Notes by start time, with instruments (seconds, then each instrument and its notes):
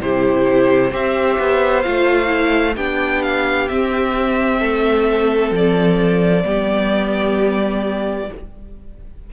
0.00 cello C3, viola E4, violin G4 C5
0.90 cello C4, viola G4, violin C5 E5
1.38 cello B3
1.82 cello A3, viola F4, violin F5
2.26 viola E4
2.75 cello B3, viola D4, violin G4 G5
3.22 violin F5
3.68 viola C4, cello C4, violin E5
4.59 cello A3, violin A4
5.51 cello F3, violin D5
6.44 cello G3, viola B3, violin G4